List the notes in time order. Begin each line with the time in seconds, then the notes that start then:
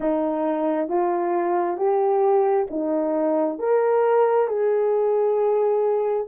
0.00 D#4
0.88 F4
1.77 G4
2.70 D#4
3.58 A#4
4.47 G#4